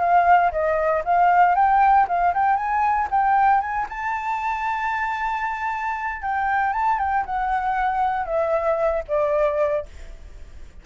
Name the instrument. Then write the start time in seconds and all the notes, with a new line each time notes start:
flute
0.00 F5
0.52 D#5
1.05 F5
1.55 G5
2.08 F5
2.34 G5
2.57 G#5
3.11 G5
3.61 G#5
3.90 A5
6.22 G5
6.73 A5
6.99 G5
7.26 F#5
8.26 E5
9.08 D5